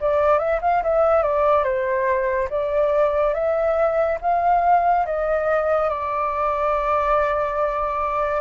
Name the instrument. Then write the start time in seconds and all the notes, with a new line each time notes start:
flute
0.00 D5
0.38 E5
0.61 F5
0.83 E5
1.22 D5
1.64 C5
2.49 D5
3.33 E5
4.21 F5
5.06 D#5
5.89 D5